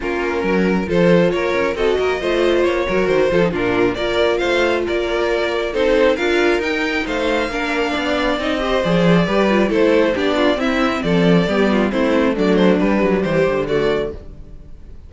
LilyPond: <<
  \new Staff \with { instrumentName = "violin" } { \time 4/4 \tempo 4 = 136 ais'2 c''4 cis''4 | dis''2 cis''4 c''4 | ais'4 d''4 f''4 d''4~ | d''4 c''4 f''4 g''4 |
f''2. dis''4 | d''2 c''4 d''4 | e''4 d''2 c''4 | d''8 c''8 b'4 c''4 d''4 | }
  \new Staff \with { instrumentName = "violin" } { \time 4/4 f'4 ais'4 a'4 ais'4 | a'8 ais'8 c''4. ais'4 a'8 | f'4 ais'4 c''4 ais'4~ | ais'4 a'4 ais'2 |
c''4 ais'4 d''4. c''8~ | c''4 b'4 a'4 g'8 f'8 | e'4 a'4 g'8 f'8 e'4 | d'2 g'4 fis'4 | }
  \new Staff \with { instrumentName = "viola" } { \time 4/4 cis'2 f'2 | fis'4 f'4. fis'4 f'16 dis'16 | d'4 f'2.~ | f'4 dis'4 f'4 dis'4~ |
dis'4 d'2 dis'8 g'8 | gis'4 g'8 f'8 e'4 d'4 | c'2 b4 c'4 | a4 g2 a4 | }
  \new Staff \with { instrumentName = "cello" } { \time 4/4 ais4 fis4 f4 ais8 cis'8 | c'8 ais8 a4 ais8 fis8 dis8 f8 | ais,4 ais4 a4 ais4~ | ais4 c'4 d'4 dis'4 |
a4 ais4 b4 c'4 | f4 g4 a4 b4 | c'4 f4 g4 a4 | fis4 g8 fis8 e8 d4. | }
>>